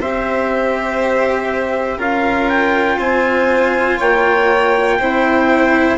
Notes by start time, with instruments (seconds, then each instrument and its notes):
0.00 bassoon C4, cello G4, violin C5, trumpet E5
1.97 bassoon C#4, cello F4, violin A#4, trumpet F5
2.49 trumpet G5
2.98 bassoon C4, violin C5, trumpet G#5
3.98 bassoon A#3, violin C#5, trumpet G5
4.99 bassoon C4, cello E4, violin C5